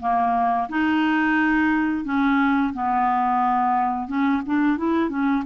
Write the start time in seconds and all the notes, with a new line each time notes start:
0.00 A#3
0.69 D#4
2.05 C#4
2.74 B3
4.08 C#4
4.46 D4
4.78 E4
5.10 C#4